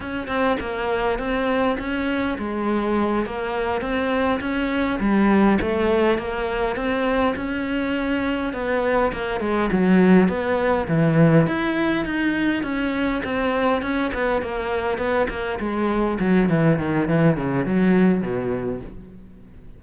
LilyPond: \new Staff \with { instrumentName = "cello" } { \time 4/4 \tempo 4 = 102 cis'8 c'8 ais4 c'4 cis'4 | gis4. ais4 c'4 cis'8~ | cis'8 g4 a4 ais4 c'8~ | c'8 cis'2 b4 ais8 |
gis8 fis4 b4 e4 e'8~ | e'8 dis'4 cis'4 c'4 cis'8 | b8 ais4 b8 ais8 gis4 fis8 | e8 dis8 e8 cis8 fis4 b,4 | }